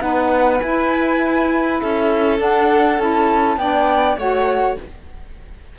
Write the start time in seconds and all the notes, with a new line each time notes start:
0.00 B3 D#4 B4 F#5
0.60 E4 G#5
1.78 C#4 A4 E5
2.38 D4 F#5
2.99 C#4 E4 A5
3.57 B3 D4 D5 G5
4.17 A3 F#4 C#5 F#5